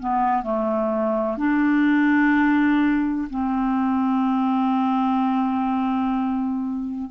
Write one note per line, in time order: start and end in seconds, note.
0.00 0.43 B3
0.43 1.38 A3
1.38 3.29 D4
3.30 7.11 C4